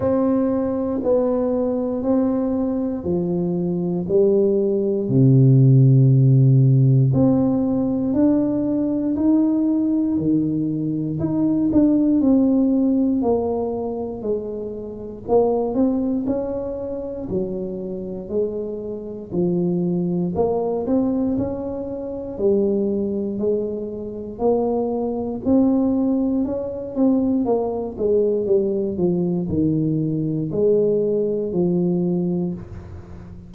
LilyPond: \new Staff \with { instrumentName = "tuba" } { \time 4/4 \tempo 4 = 59 c'4 b4 c'4 f4 | g4 c2 c'4 | d'4 dis'4 dis4 dis'8 d'8 | c'4 ais4 gis4 ais8 c'8 |
cis'4 fis4 gis4 f4 | ais8 c'8 cis'4 g4 gis4 | ais4 c'4 cis'8 c'8 ais8 gis8 | g8 f8 dis4 gis4 f4 | }